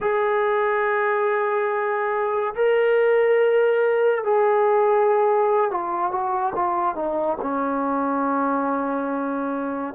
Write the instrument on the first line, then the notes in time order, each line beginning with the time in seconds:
trombone
0.00 G#4
2.54 A#4
4.23 G#4
5.70 F4
6.11 F#4
6.55 F4
6.95 D#4
7.41 C#4